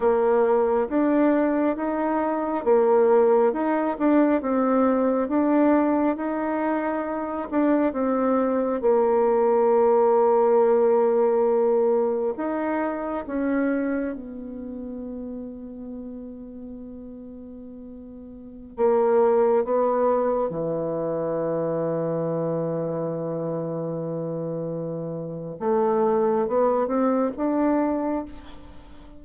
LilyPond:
\new Staff \with { instrumentName = "bassoon" } { \time 4/4 \tempo 4 = 68 ais4 d'4 dis'4 ais4 | dis'8 d'8 c'4 d'4 dis'4~ | dis'8 d'8 c'4 ais2~ | ais2 dis'4 cis'4 |
b1~ | b4~ b16 ais4 b4 e8.~ | e1~ | e4 a4 b8 c'8 d'4 | }